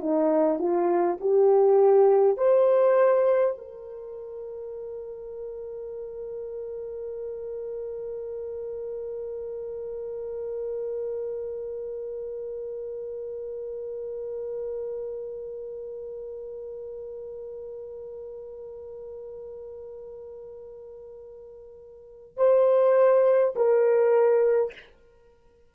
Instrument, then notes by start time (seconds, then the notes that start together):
horn
0.00 D#4
0.58 F4
1.20 G4
2.37 C5
3.57 A#4
22.36 C5
23.55 A#4